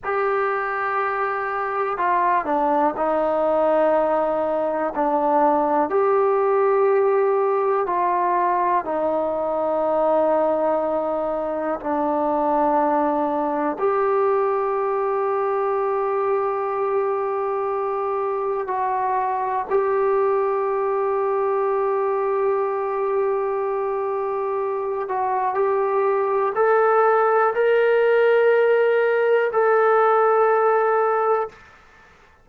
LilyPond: \new Staff \with { instrumentName = "trombone" } { \time 4/4 \tempo 4 = 61 g'2 f'8 d'8 dis'4~ | dis'4 d'4 g'2 | f'4 dis'2. | d'2 g'2~ |
g'2. fis'4 | g'1~ | g'4. fis'8 g'4 a'4 | ais'2 a'2 | }